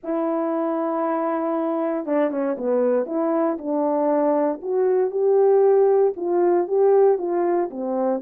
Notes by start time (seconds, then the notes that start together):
0.03 E4
2.06 D4
2.31 C#4
2.57 B3
3.06 E4
3.58 D4
4.62 F#4
5.10 G4
6.16 F4
6.67 G4
7.18 F4
7.70 C4